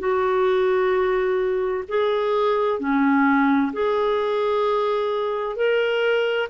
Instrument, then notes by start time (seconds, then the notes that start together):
clarinet
0.00 F#4
1.89 G#4
2.80 C#4
3.73 G#4
5.56 A#4